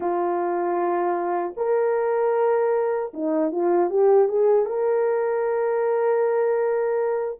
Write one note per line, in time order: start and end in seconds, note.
0.00 1.54 F4
1.57 3.12 A#4
3.13 3.51 D#4
3.51 3.90 F4
3.90 4.28 G4
4.28 4.65 G#4
4.65 7.38 A#4